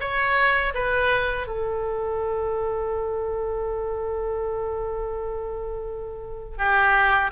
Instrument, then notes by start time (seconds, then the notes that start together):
oboe
0.00 C#5
0.74 B4
1.47 A4
6.58 G4